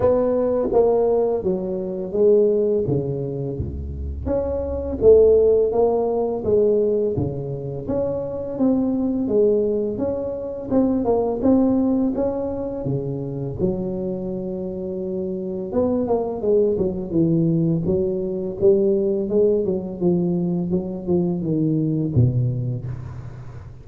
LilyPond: \new Staff \with { instrumentName = "tuba" } { \time 4/4 \tempo 4 = 84 b4 ais4 fis4 gis4 | cis4 cis,4 cis'4 a4 | ais4 gis4 cis4 cis'4 | c'4 gis4 cis'4 c'8 ais8 |
c'4 cis'4 cis4 fis4~ | fis2 b8 ais8 gis8 fis8 | e4 fis4 g4 gis8 fis8 | f4 fis8 f8 dis4 b,4 | }